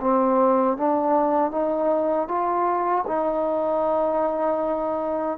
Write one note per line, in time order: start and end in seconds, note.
0.00 0.77 C4
0.77 1.51 D4
1.51 2.28 D#4
2.28 3.05 F4
3.07 5.38 D#4